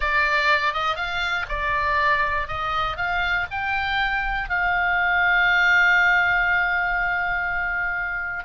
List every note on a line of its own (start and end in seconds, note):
0.00 0.73 D5
0.73 0.96 D#5
0.96 1.45 F5
1.49 2.47 D5
2.47 2.96 D#5
2.96 3.46 F5
3.50 4.49 G5
4.49 8.44 F5